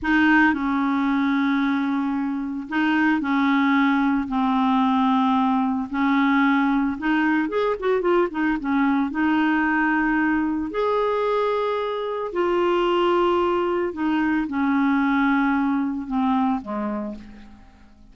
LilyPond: \new Staff \with { instrumentName = "clarinet" } { \time 4/4 \tempo 4 = 112 dis'4 cis'2.~ | cis'4 dis'4 cis'2 | c'2. cis'4~ | cis'4 dis'4 gis'8 fis'8 f'8 dis'8 |
cis'4 dis'2. | gis'2. f'4~ | f'2 dis'4 cis'4~ | cis'2 c'4 gis4 | }